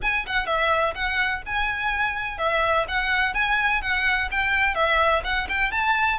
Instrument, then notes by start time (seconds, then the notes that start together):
violin
0.02 G#5
0.26 F#5
0.46 E5
0.94 F#5
1.46 G#5
2.38 E5
2.88 F#5
3.34 G#5
3.81 F#5
4.31 G5
4.74 E5
5.23 F#5
5.48 G5
5.71 A5